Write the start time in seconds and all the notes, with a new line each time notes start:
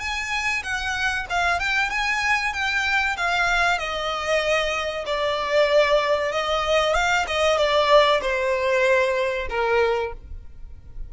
0.00 G#5
0.63 F#5
1.30 F5
1.60 G5
1.90 G#5
2.54 G5
3.17 F5
3.79 D#5
5.07 D5
6.32 D#5
6.95 F5
7.28 D#5
7.58 D5
8.22 C5
9.50 A#4